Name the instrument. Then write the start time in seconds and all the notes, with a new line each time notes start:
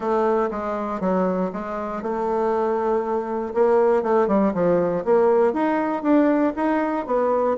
bassoon
0.00 A3
0.50 G#3
1.00 F#3
1.52 G#3
2.02 A3
3.54 A#3
4.02 A3
4.27 G3
4.54 F3
5.04 A#3
5.53 D#4
6.02 D4
6.56 D#4
7.06 B3